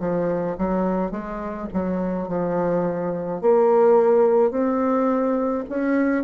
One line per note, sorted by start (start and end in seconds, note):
0.00 0.57 F3
0.58 1.11 F#3
1.11 1.68 G#3
1.73 2.28 F#3
2.28 3.41 F3
3.41 4.51 A#3
4.51 5.64 C4
5.70 6.24 C#4